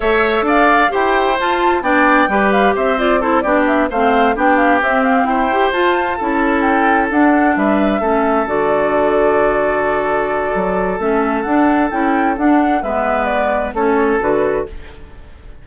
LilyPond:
<<
  \new Staff \with { instrumentName = "flute" } { \time 4/4 \tempo 4 = 131 e''4 f''4 g''4 a''4 | g''4. f''8 e''8 d''8 c''8 d''8 | e''8 f''4 g''8 f''8 e''8 f''8 g''8~ | g''8 a''2 g''4 fis''8~ |
fis''8 e''2 d''4.~ | d''1 | e''4 fis''4 g''4 fis''4 | e''4 d''4 cis''4 b'4 | }
  \new Staff \with { instrumentName = "oboe" } { \time 4/4 cis''4 d''4 c''2 | d''4 b'4 c''4 a'8 g'8~ | g'8 c''4 g'2 c''8~ | c''4. a'2~ a'8~ |
a'8 b'4 a'2~ a'8~ | a'1~ | a'1 | b'2 a'2 | }
  \new Staff \with { instrumentName = "clarinet" } { \time 4/4 a'2 g'4 f'4 | d'4 g'4. f'8 e'8 d'8~ | d'8 c'4 d'4 c'4. | g'8 f'4 e'2 d'8~ |
d'4. cis'4 fis'4.~ | fis'1 | cis'4 d'4 e'4 d'4 | b2 cis'4 fis'4 | }
  \new Staff \with { instrumentName = "bassoon" } { \time 4/4 a4 d'4 e'4 f'4 | b4 g4 c'4. b8~ | b8 a4 b4 c'4 e'8~ | e'8 f'4 cis'2 d'8~ |
d'8 g4 a4 d4.~ | d2. fis4 | a4 d'4 cis'4 d'4 | gis2 a4 d4 | }
>>